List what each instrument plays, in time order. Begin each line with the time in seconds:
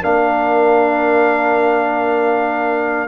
0.00 tuba A#3, trombone D4, horn A#4, trumpet F5